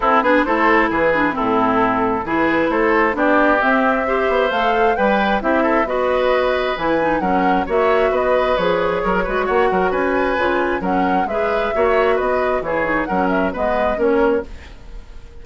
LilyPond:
<<
  \new Staff \with { instrumentName = "flute" } { \time 4/4 \tempo 4 = 133 a'8 b'8 c''4 b'4 a'4~ | a'4 b'4 c''4 d''4 | e''2 f''4 g''4 | e''4 dis''2 gis''4 |
fis''4 e''4 dis''4 cis''4~ | cis''4 fis''4 gis''2 | fis''4 e''2 dis''4 | cis''4 fis''8 e''8 dis''4 cis''4 | }
  \new Staff \with { instrumentName = "oboe" } { \time 4/4 e'8 gis'8 a'4 gis'4 e'4~ | e'4 gis'4 a'4 g'4~ | g'4 c''2 b'4 | g'8 a'8 b'2. |
ais'4 cis''4 b'2 | ais'8 b'8 cis''8 ais'8 b'2 | ais'4 b'4 cis''4 b'4 | gis'4 ais'4 b'4 ais'4 | }
  \new Staff \with { instrumentName = "clarinet" } { \time 4/4 c'8 d'8 e'4. d'8 c'4~ | c'4 e'2 d'4 | c'4 g'4 a'4 b'4 | e'4 fis'2 e'8 dis'8 |
cis'4 fis'2 gis'4~ | gis'8 fis'2~ fis'8 f'4 | cis'4 gis'4 fis'2 | e'8 dis'8 cis'4 b4 cis'4 | }
  \new Staff \with { instrumentName = "bassoon" } { \time 4/4 c'8 b8 a4 e4 a,4~ | a,4 e4 a4 b4 | c'4. b8 a4 g4 | c'4 b2 e4 |
fis4 ais4 b4 f4 | fis8 gis8 ais8 fis8 cis'4 cis4 | fis4 gis4 ais4 b4 | e4 fis4 gis4 ais4 | }
>>